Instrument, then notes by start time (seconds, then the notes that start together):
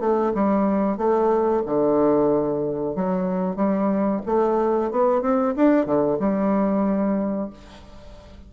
bassoon
0.00 A3
0.34 G3
0.98 A3
1.66 D3
2.96 F#3
3.56 G3
4.26 A3
4.92 B3
5.22 C4
5.56 D4
5.86 D3
6.20 G3